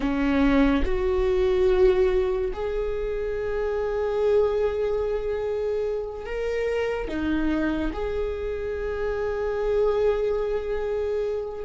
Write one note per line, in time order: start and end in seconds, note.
0.00 0.83 C#4
0.84 2.51 F#4
2.53 6.25 G#4
6.25 7.08 A#4
7.08 7.91 D#4
7.93 11.64 G#4